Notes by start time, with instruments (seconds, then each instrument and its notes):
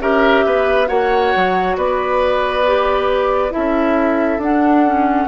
0.00 bassoon C#4, clarinet G4, oboe A#4, flute E5
0.46 bassoon B3, oboe B4
0.87 bassoon A#3, clarinet F#4, oboe C#5, flute F#5
1.36 bassoon F#3
1.76 bassoon B3, oboe B4, flute D5
2.66 clarinet G4
3.50 bassoon C#4, clarinet E4, oboe A4, flute E5
4.38 bassoon D4, clarinet D4, flute F#5
4.86 clarinet C#4